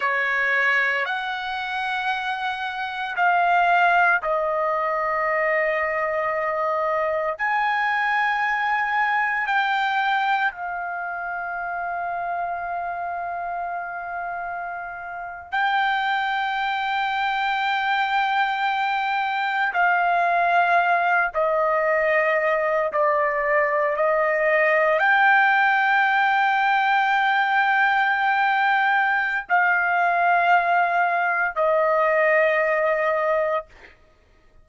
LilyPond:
\new Staff \with { instrumentName = "trumpet" } { \time 4/4 \tempo 4 = 57 cis''4 fis''2 f''4 | dis''2. gis''4~ | gis''4 g''4 f''2~ | f''2~ f''8. g''4~ g''16~ |
g''2~ g''8. f''4~ f''16~ | f''16 dis''4. d''4 dis''4 g''16~ | g''1 | f''2 dis''2 | }